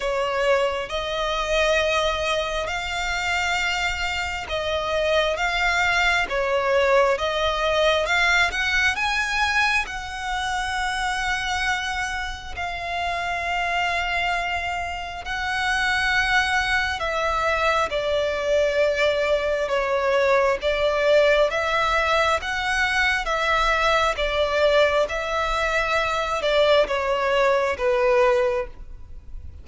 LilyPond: \new Staff \with { instrumentName = "violin" } { \time 4/4 \tempo 4 = 67 cis''4 dis''2 f''4~ | f''4 dis''4 f''4 cis''4 | dis''4 f''8 fis''8 gis''4 fis''4~ | fis''2 f''2~ |
f''4 fis''2 e''4 | d''2 cis''4 d''4 | e''4 fis''4 e''4 d''4 | e''4. d''8 cis''4 b'4 | }